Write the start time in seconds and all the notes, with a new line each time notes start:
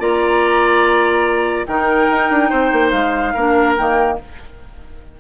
0.00 A#3 F4 D5 A#5
1.67 D#3 D#4 A#4 G5
2.11 D#4
2.31 D4
2.50 C4 C5
2.72 A#3
2.91 G#3 F5
3.34 A#3 D4 A#4
3.77 D#3 A#3 G5